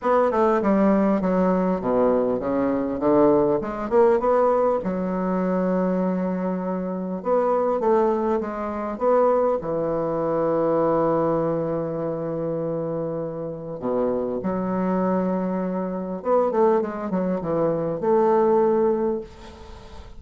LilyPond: \new Staff \with { instrumentName = "bassoon" } { \time 4/4 \tempo 4 = 100 b8 a8 g4 fis4 b,4 | cis4 d4 gis8 ais8 b4 | fis1 | b4 a4 gis4 b4 |
e1~ | e2. b,4 | fis2. b8 a8 | gis8 fis8 e4 a2 | }